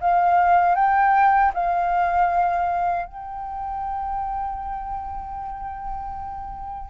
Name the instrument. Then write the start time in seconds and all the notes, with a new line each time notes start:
flute
0.00 F5
0.75 G5
1.54 F5
3.06 G5